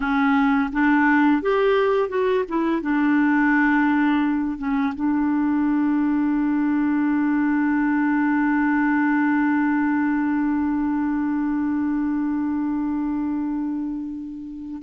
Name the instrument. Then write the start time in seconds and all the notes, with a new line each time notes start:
clarinet
0.00 C#4
0.72 D4
1.42 G4
2.09 F#4
2.48 E4
2.81 D4
4.58 C#4
4.94 D4